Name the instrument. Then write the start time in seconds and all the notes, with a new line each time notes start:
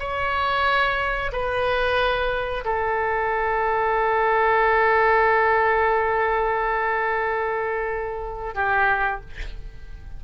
oboe
0.00 C#5
1.32 B4
2.65 A4
8.55 G4